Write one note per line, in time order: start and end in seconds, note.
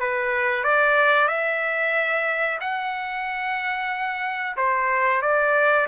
0.00 0.64 B4
0.64 1.28 D5
1.28 2.59 E5
2.61 4.57 F#5
4.57 5.22 C5
5.22 5.87 D5